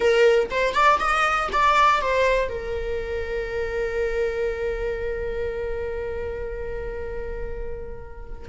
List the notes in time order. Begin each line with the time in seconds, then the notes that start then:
0.00 A#4
0.50 C5
0.74 D5
0.99 D#5
1.52 D5
2.01 C5
2.48 A#4